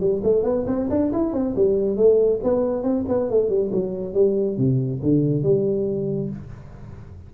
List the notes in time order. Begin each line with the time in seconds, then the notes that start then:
0.00 G3
0.23 A3
0.43 B3
0.67 C4
0.90 D4
1.12 E4
1.33 C4
1.56 G3
1.96 A3
2.43 B3
2.83 C4
3.08 B3
3.30 A3
3.49 G3
3.72 F#3
4.14 G3
4.57 C3
5.02 D3
5.43 G3